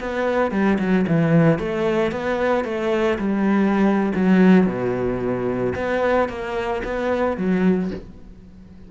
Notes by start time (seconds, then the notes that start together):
0.00 B3
0.51 G3
0.79 F#3
1.07 E3
1.59 A3
2.12 B3
2.64 A3
3.19 G3
4.15 F#3
4.66 B2
5.75 B3
6.29 A#3
6.84 B3
7.37 F#3